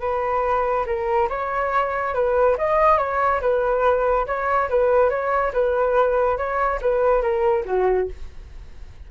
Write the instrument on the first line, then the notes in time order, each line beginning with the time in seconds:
flute
0.00 B4
0.86 A#4
1.29 C#5
2.14 B4
2.57 D#5
2.97 C#5
3.41 B4
4.26 C#5
4.69 B4
5.09 C#5
5.52 B4
6.37 C#5
6.81 B4
7.21 A#4
7.65 F#4